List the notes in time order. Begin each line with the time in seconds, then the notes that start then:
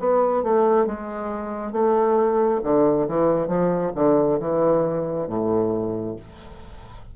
0.00 B3
0.43 A3
0.86 G#3
1.72 A3
2.64 D3
3.08 E3
3.48 F3
3.95 D3
4.40 E3
5.28 A2